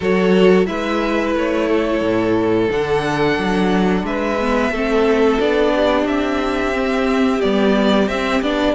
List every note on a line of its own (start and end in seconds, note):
0.00 0.68 F#3
0.00 0.66 F#4
0.00 0.66 A4
0.00 0.65 C#5
0.65 1.34 G#3
0.65 2.68 E4
0.65 1.68 B4
0.65 1.33 E5
1.34 2.01 A3
1.34 2.71 C#5
1.68 4.04 A4
2.01 2.68 A2
2.70 3.38 D3
2.70 4.39 D4
2.70 4.05 F#5
3.38 4.02 F#3
4.02 4.70 G#3
4.02 4.71 B4
4.02 5.40 E5
4.40 4.74 B3
4.71 5.38 A3
4.71 5.40 C4
4.71 5.73 A4
5.40 6.05 B3
5.40 6.73 D4
5.40 6.06 D5
5.74 8.74 G4
6.05 7.40 C4
6.05 7.41 E5
6.73 7.41 C4
7.41 8.07 G3
7.41 8.08 B3
7.41 8.08 D5
8.07 8.41 C4
8.07 8.43 C4
8.07 8.41 E5
8.41 8.74 B3
8.41 8.74 D4
8.41 8.74 D5